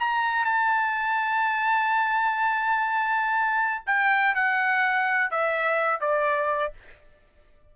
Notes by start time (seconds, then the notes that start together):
0.00 A#5
0.45 A5
3.86 G5
4.35 F#5
5.31 E5
6.01 D5